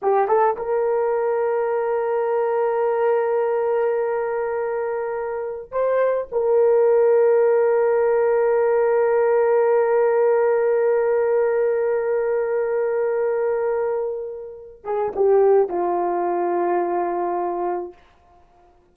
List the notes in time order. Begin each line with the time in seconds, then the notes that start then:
0.02 G4
0.28 A4
0.56 A#4
5.71 C5
6.31 A#4
14.83 G#4
15.15 G4
15.69 F4